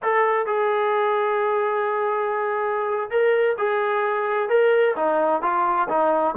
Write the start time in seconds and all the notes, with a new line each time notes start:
0.02 A4
0.46 G#4
3.10 A#4
3.58 G#4
4.49 A#4
4.96 D#4
5.41 F4
5.88 D#4